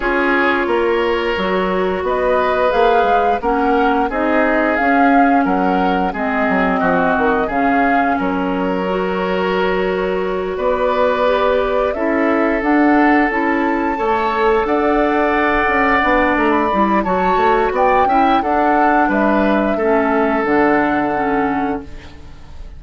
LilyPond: <<
  \new Staff \with { instrumentName = "flute" } { \time 4/4 \tempo 4 = 88 cis''2. dis''4 | f''4 fis''4 dis''4 f''4 | fis''4 dis''2 f''4 | cis''2.~ cis''8 d''8~ |
d''4. e''4 fis''4 a''8~ | a''4. fis''2~ fis''8 | ais''16 b''8. a''4 g''4 fis''4 | e''2 fis''2 | }
  \new Staff \with { instrumentName = "oboe" } { \time 4/4 gis'4 ais'2 b'4~ | b'4 ais'4 gis'2 | ais'4 gis'4 fis'4 gis'4 | ais'2.~ ais'8 b'8~ |
b'4. a'2~ a'8~ | a'8 cis''4 d''2~ d''8~ | d''4 cis''4 d''8 e''8 a'4 | b'4 a'2. | }
  \new Staff \with { instrumentName = "clarinet" } { \time 4/4 f'2 fis'2 | gis'4 cis'4 dis'4 cis'4~ | cis'4 c'2 cis'4~ | cis'4 fis'2.~ |
fis'8 g'4 e'4 d'4 e'8~ | e'8 a'2. d'8~ | d'8 e'8 fis'4. e'8 d'4~ | d'4 cis'4 d'4 cis'4 | }
  \new Staff \with { instrumentName = "bassoon" } { \time 4/4 cis'4 ais4 fis4 b4 | ais8 gis8 ais4 c'4 cis'4 | fis4 gis8 fis8 f8 dis8 cis4 | fis2.~ fis8 b8~ |
b4. cis'4 d'4 cis'8~ | cis'8 a4 d'4. cis'8 b8 | a8 g8 fis8 a8 b8 cis'8 d'4 | g4 a4 d2 | }
>>